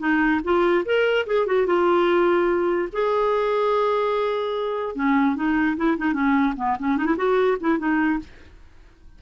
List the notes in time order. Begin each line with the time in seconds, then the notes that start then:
0.00 D#4
0.44 F4
0.85 A#4
1.27 G#4
1.47 F#4
1.67 F4
2.93 G#4
4.96 C#4
5.36 D#4
5.77 E4
5.98 D#4
6.14 C#4
6.57 B3
6.79 C#4
6.98 D#4
7.06 E4
7.17 F#4
7.61 E4
7.78 D#4